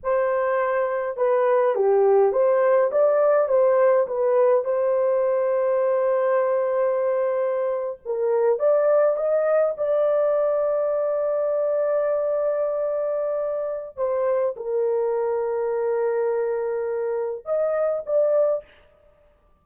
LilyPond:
\new Staff \with { instrumentName = "horn" } { \time 4/4 \tempo 4 = 103 c''2 b'4 g'4 | c''4 d''4 c''4 b'4 | c''1~ | c''4.~ c''16 ais'4 d''4 dis''16~ |
dis''8. d''2.~ d''16~ | d''1 | c''4 ais'2.~ | ais'2 dis''4 d''4 | }